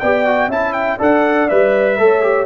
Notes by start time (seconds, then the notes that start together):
0.00 B3 G4 D5 G5
0.26 F#4
0.48 C#4 E4 E5 A5
0.73 G5
0.98 D4 A4 D5 F#5
1.48 G3 B4 E5
1.99 A3 A4 C#5
2.22 G4